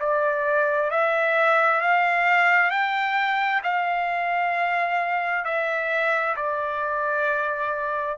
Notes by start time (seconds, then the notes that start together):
0.00 D5
0.91 E5
1.81 F5
2.71 G5
3.64 F5
5.45 E5
6.36 D5